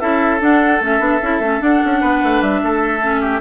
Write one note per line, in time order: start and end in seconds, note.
0.00 0.41 C#4
0.00 0.40 E4
0.00 2.01 A4
0.00 0.40 E5
0.40 0.80 D4
0.40 0.81 D4
0.40 0.82 F#5
0.81 0.99 A3
0.81 0.99 C#4
0.81 1.63 E5
0.99 1.20 B3
0.99 1.19 D4
1.22 1.39 C#4
1.22 1.42 E4
1.39 1.60 A3
1.39 1.60 C#4
1.60 3.01 D4
1.60 1.82 D4
1.60 2.42 F#5
1.85 2.02 C#4
2.01 2.22 B3
2.01 2.61 B4
2.23 2.41 A3
2.41 2.62 G3
2.41 3.40 E5
2.63 3.40 A3
2.63 3.21 A4
3.02 3.40 C#4
3.21 3.40 G4